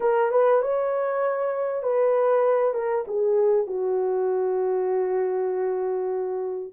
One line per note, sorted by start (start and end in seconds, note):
0.00 0.31 A#4
0.31 0.62 B4
0.62 1.82 C#5
1.82 2.74 B4
2.74 3.04 A#4
3.07 3.67 G#4
3.67 6.73 F#4